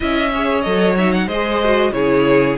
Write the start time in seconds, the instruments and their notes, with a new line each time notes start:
0.00 cello C#4, viola E4, violin D#5 E5
0.33 viola G#4, violin C#5
0.61 cello F#3, viola A4, violin D#5
0.97 viola D#4, violin E5
1.12 violin F#5
1.26 cello G#3, viola G#4, violin C5 D#5
1.64 viola F#4
1.92 cello C#3, viola E4, violin G#4 C#5